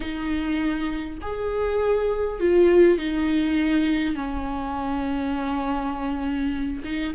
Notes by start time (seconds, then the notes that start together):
0.00 D#4
1.21 G#4
2.40 F4
2.98 D#4
4.15 C#4
6.84 D#4